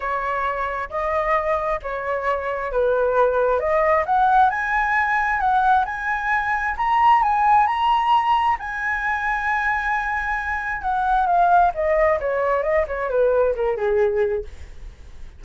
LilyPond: \new Staff \with { instrumentName = "flute" } { \time 4/4 \tempo 4 = 133 cis''2 dis''2 | cis''2 b'2 | dis''4 fis''4 gis''2 | fis''4 gis''2 ais''4 |
gis''4 ais''2 gis''4~ | gis''1 | fis''4 f''4 dis''4 cis''4 | dis''8 cis''8 b'4 ais'8 gis'4. | }